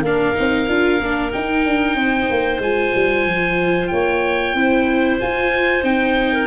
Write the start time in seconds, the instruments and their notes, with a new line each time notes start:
0.00 tuba A#3, viola D4, clarinet A#4, oboe F5
0.34 tuba C4, viola D#4
0.68 tuba D4, viola F4
1.00 tuba A#3, viola D4
1.31 viola D#4, tuba D#4, oboe G5
1.65 tuba D4
1.94 tuba C4, clarinet C5
2.30 tuba A#3
2.59 tuba G#3, viola F4, oboe G#5
2.94 tuba G3
3.25 tuba F3
3.87 tuba A#3, clarinet C#5, oboe G5
4.54 tuba C4, viola E4, clarinet C5
5.20 viola F4, tuba F4, oboe G#5
5.83 tuba C4, viola D#4, oboe G5
6.32 clarinet A#4